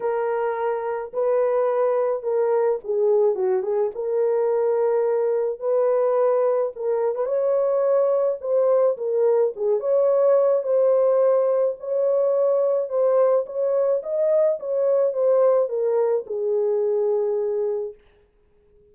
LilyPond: \new Staff \with { instrumentName = "horn" } { \time 4/4 \tempo 4 = 107 ais'2 b'2 | ais'4 gis'4 fis'8 gis'8 ais'4~ | ais'2 b'2 | ais'8. b'16 cis''2 c''4 |
ais'4 gis'8 cis''4. c''4~ | c''4 cis''2 c''4 | cis''4 dis''4 cis''4 c''4 | ais'4 gis'2. | }